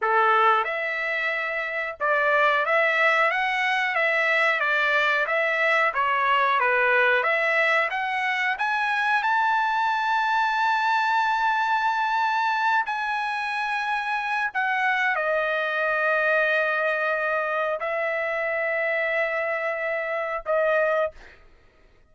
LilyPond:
\new Staff \with { instrumentName = "trumpet" } { \time 4/4 \tempo 4 = 91 a'4 e''2 d''4 | e''4 fis''4 e''4 d''4 | e''4 cis''4 b'4 e''4 | fis''4 gis''4 a''2~ |
a''2.~ a''8 gis''8~ | gis''2 fis''4 dis''4~ | dis''2. e''4~ | e''2. dis''4 | }